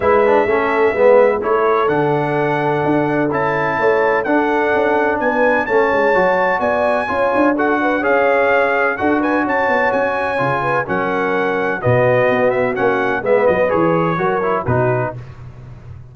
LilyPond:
<<
  \new Staff \with { instrumentName = "trumpet" } { \time 4/4 \tempo 4 = 127 e''2. cis''4 | fis''2. a''4~ | a''4 fis''2 gis''4 | a''2 gis''2 |
fis''4 f''2 fis''8 gis''8 | a''4 gis''2 fis''4~ | fis''4 dis''4. e''8 fis''4 | e''8 dis''8 cis''2 b'4 | }
  \new Staff \with { instrumentName = "horn" } { \time 4/4 b'4 a'4 b'4 a'4~ | a'1 | cis''4 a'2 b'4 | cis''2 d''4 cis''4 |
a'8 b'8 cis''2 a'8 b'8 | cis''2~ cis''8 b'8 ais'4~ | ais'4 fis'2. | b'2 ais'4 fis'4 | }
  \new Staff \with { instrumentName = "trombone" } { \time 4/4 e'8 d'8 cis'4 b4 e'4 | d'2. e'4~ | e'4 d'2. | cis'4 fis'2 f'4 |
fis'4 gis'2 fis'4~ | fis'2 f'4 cis'4~ | cis'4 b2 cis'4 | b4 gis'4 fis'8 e'8 dis'4 | }
  \new Staff \with { instrumentName = "tuba" } { \time 4/4 gis4 a4 gis4 a4 | d2 d'4 cis'4 | a4 d'4 cis'4 b4 | a8 gis8 fis4 b4 cis'8 d'8~ |
d'4 cis'2 d'4 | cis'8 b8 cis'4 cis4 fis4~ | fis4 b,4 b4 ais4 | gis8 fis8 e4 fis4 b,4 | }
>>